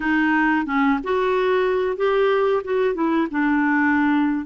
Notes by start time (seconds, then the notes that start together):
0.00 D#4
0.66 C#4
1.03 F#4
1.96 G4
2.63 F#4
2.94 E4
3.30 D4